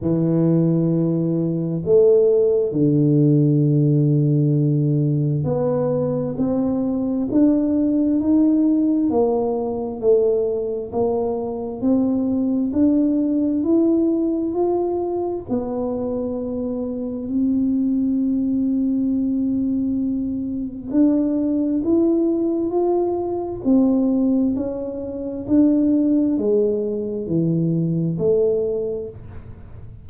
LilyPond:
\new Staff \with { instrumentName = "tuba" } { \time 4/4 \tempo 4 = 66 e2 a4 d4~ | d2 b4 c'4 | d'4 dis'4 ais4 a4 | ais4 c'4 d'4 e'4 |
f'4 b2 c'4~ | c'2. d'4 | e'4 f'4 c'4 cis'4 | d'4 gis4 e4 a4 | }